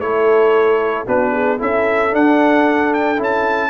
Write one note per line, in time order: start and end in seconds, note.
0.00 1.06 A3
0.00 1.07 E4
0.00 1.06 A4
0.00 1.07 C#5
1.06 1.60 B3
1.06 1.59 D4
1.06 1.32 F#4
1.06 1.61 B4
1.32 1.58 G#4
1.58 2.14 C#4
1.58 2.11 E4
1.58 3.70 A4
1.58 2.15 E5
2.11 3.17 D4
2.11 3.20 D4
2.11 2.94 F#5
2.94 3.21 G5
3.17 3.70 C#4
3.17 3.70 E4
3.24 3.70 A5